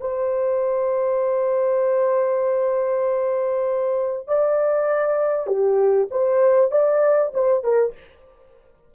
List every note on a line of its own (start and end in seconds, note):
0.00 4.27 C5
4.27 5.46 D5
5.46 6.08 G4
6.10 6.71 C5
6.71 7.32 D5
7.34 7.63 C5
7.63 7.94 A#4